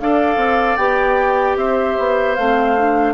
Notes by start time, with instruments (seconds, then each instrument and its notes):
0.00 bassoon D4, clarinet A4, oboe D5, flute F5
0.37 bassoon C4
0.76 bassoon B3, clarinet G4, flute G5
1.56 bassoon C4, oboe C5, flute E5
1.98 bassoon B3
2.35 bassoon A3, clarinet C4, flute F5
2.77 clarinet D4